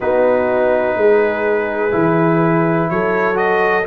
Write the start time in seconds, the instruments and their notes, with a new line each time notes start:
0.00 tuba B3, trombone D#4, horn F#4, trumpet B4
0.96 tuba G#3, horn G#4
1.91 tuba E3, trombone E4
2.89 tuba F#3, horn A4, trumpet C#5
3.34 trombone F#4, trumpet D#5